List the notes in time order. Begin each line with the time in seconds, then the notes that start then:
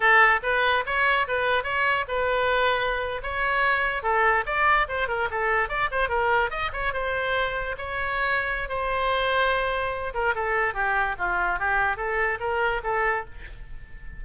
0.00 A4
0.43 B4
0.86 C#5
1.27 B4
1.63 C#5
2.08 B4
3.23 C#5
4.03 A4
4.45 D5
4.88 C5
5.08 A#4
5.30 A4
5.68 D5
5.91 C5
6.08 A#4
6.50 D#5
6.72 C#5
6.93 C5
7.77 C#5
8.68 C5
10.13 A#4
10.34 A4
10.74 G4
11.18 F4
11.59 G4
11.97 A4
12.39 A#4
12.83 A4